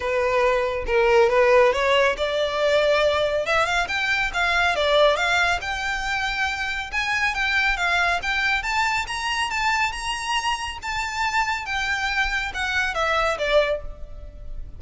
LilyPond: \new Staff \with { instrumentName = "violin" } { \time 4/4 \tempo 4 = 139 b'2 ais'4 b'4 | cis''4 d''2. | e''8 f''8 g''4 f''4 d''4 | f''4 g''2. |
gis''4 g''4 f''4 g''4 | a''4 ais''4 a''4 ais''4~ | ais''4 a''2 g''4~ | g''4 fis''4 e''4 d''4 | }